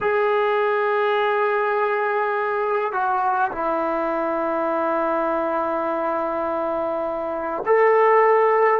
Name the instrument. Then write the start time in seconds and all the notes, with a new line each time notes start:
trombone
0.00 G#4
2.92 F#4
3.51 E4
7.66 A4